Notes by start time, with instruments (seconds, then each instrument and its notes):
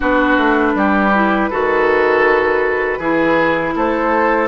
0.00 bassoon B3, clarinet D4, oboe F#4, flute B4
0.37 bassoon A3
0.74 bassoon G3, oboe G4
1.13 clarinet E4
1.50 bassoon D#3, clarinet F#4, oboe A4
2.98 bassoon E3, clarinet E4, oboe G#4
3.75 bassoon A3, oboe A4, flute C5